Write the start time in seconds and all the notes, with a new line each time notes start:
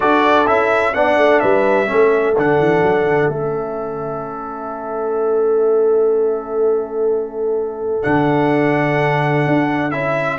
0.00 D4 F#4 A4 D5
0.46 C#4 E4 E5
0.94 B3 D4 D5 F#5
1.17 A3
1.39 G3 B4 E5
1.86 A3 C#4 A4
2.37 D3 D4 F#5
2.58 E3
2.82 F#3
3.03 D3
3.28 A3 C#4 E5
8.02 D3 D4 F#5
9.46 D4
9.91 C#4 E4 E5